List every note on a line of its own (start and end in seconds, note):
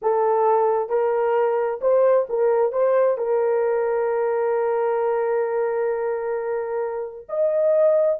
0.01 0.89 A4
0.89 1.80 A#4
1.81 2.26 C5
2.29 2.72 A#4
2.72 3.17 C5
3.17 7.26 A#4
7.28 8.19 D#5